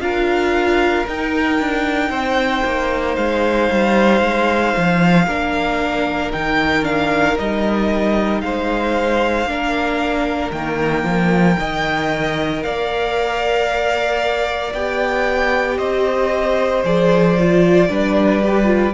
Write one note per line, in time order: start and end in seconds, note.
0.00 1.05 D4
0.00 1.06 F4
0.00 2.10 A#4
0.00 1.06 F5
1.08 1.60 D#4
1.08 5.28 D#4
1.08 3.16 G5
1.60 2.10 D4
2.10 2.63 C4
2.10 5.26 C5
2.65 3.18 A#3
3.16 3.70 G#3
3.16 6.32 F5
3.71 4.21 G3
4.21 4.74 G#3
4.77 5.28 F3
5.27 6.33 A#3
5.27 6.33 D4
5.27 8.42 A#4
6.32 7.39 D#3
6.32 6.83 D#4
6.32 6.85 G5
6.83 7.36 D4
6.83 7.37 F5
7.38 8.43 G3
7.38 9.48 D#4
7.38 8.41 D#5
8.41 9.46 G#3
8.41 9.50 C5
8.41 10.52 F5
9.46 10.51 A#3
9.46 10.53 D4
9.46 11.59 A#4
10.52 11.04 D#3
10.52 11.56 A#3
10.52 12.63 G5
11.04 11.57 F3
11.56 12.64 D#3
11.56 14.72 A#4
11.56 12.64 D#5
12.63 14.74 A#3
12.63 15.78 D5
12.63 14.73 F5
14.74 15.79 B3
14.74 16.85 G4
14.74 15.78 G5
15.78 16.84 C4
15.78 17.89 C5
15.78 16.84 D#5
16.84 17.89 F3
16.84 17.38 G#4
16.84 18.94 D5
17.40 17.90 F4
17.89 18.94 G3
17.89 18.42 D4
17.89 18.94 B4
18.43 18.65 G4
18.65 18.92 F4